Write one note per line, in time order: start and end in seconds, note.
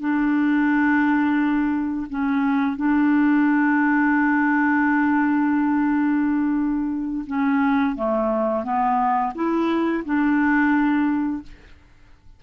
0.00 2.07 D4
2.09 2.76 C#4
2.76 7.25 D4
7.27 7.96 C#4
7.96 8.64 A3
8.64 9.33 B3
9.34 10.03 E4
10.05 11.43 D4